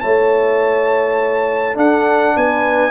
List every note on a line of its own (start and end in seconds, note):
0.00 1.76 A3
0.00 1.74 E4
0.00 1.77 C#5
0.00 1.76 A5
1.74 2.91 D4
1.74 2.35 D4
1.74 2.35 A4
1.74 2.37 F#5
2.36 2.91 B3
2.36 2.91 B4
2.36 2.91 G#5